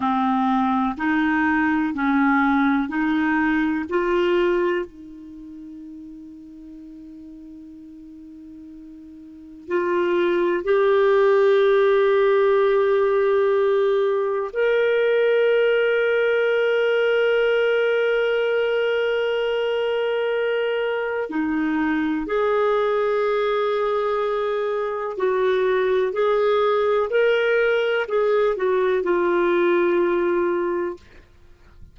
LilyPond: \new Staff \with { instrumentName = "clarinet" } { \time 4/4 \tempo 4 = 62 c'4 dis'4 cis'4 dis'4 | f'4 dis'2.~ | dis'2 f'4 g'4~ | g'2. ais'4~ |
ais'1~ | ais'2 dis'4 gis'4~ | gis'2 fis'4 gis'4 | ais'4 gis'8 fis'8 f'2 | }